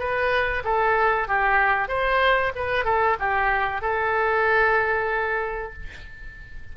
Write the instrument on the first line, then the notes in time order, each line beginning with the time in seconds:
oboe
0.00 B4
0.65 A4
1.28 G4
1.89 C5
2.56 B4
2.85 A4
3.20 G4
3.82 A4